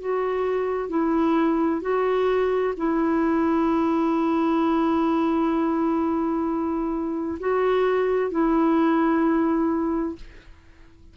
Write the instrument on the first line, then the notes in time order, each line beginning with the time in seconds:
clarinet
0.00 F#4
0.89 E4
1.82 F#4
2.77 E4
7.40 F#4
8.31 E4